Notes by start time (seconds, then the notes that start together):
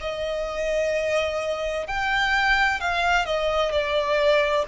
0.00 D#5
1.87 G5
2.80 F5
3.26 D#5
3.71 D5